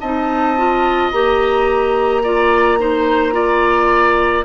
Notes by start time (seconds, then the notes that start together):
0.00 C4 D#4 D#5 A5
0.57 F4
1.11 A#3 G4 A#5
2.23 F4 D5
2.78 D#4 C5
3.31 F4 D5